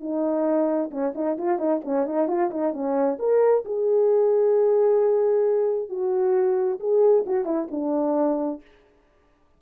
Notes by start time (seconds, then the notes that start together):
0.00 D#4
0.91 C#4
1.15 D#4
1.38 F4
1.58 D#4
1.85 C#4
2.06 D#4
2.27 F4
2.50 D#4
2.73 C#4
3.19 A#4
3.65 G#4
5.89 F#4
6.80 G#4
7.26 F#4
7.45 E4
7.71 D4